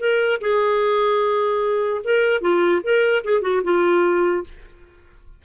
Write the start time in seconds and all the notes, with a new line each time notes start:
0.00 A#4
0.41 G#4
2.04 A#4
2.41 F4
2.83 A#4
3.24 G#4
3.42 F#4
3.64 F4